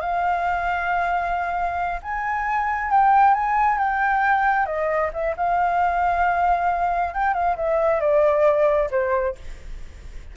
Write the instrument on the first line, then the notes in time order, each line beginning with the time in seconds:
flute
0.00 F5
2.02 G#5
2.90 G5
3.34 G#5
3.78 G5
4.66 D#5
5.13 E5
5.36 F5
7.14 G5
7.33 F5
7.56 E5
8.00 D5
8.91 C5